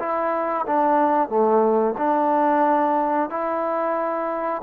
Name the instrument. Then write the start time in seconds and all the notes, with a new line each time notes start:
trombone
0.00 E4
0.67 D4
1.29 A3
1.98 D4
3.31 E4